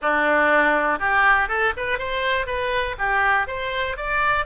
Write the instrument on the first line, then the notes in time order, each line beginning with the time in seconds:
oboe
0.01 D4
0.99 G4
1.48 A4
1.76 B4
1.98 C5
2.46 B4
2.98 G4
3.47 C5
3.96 D5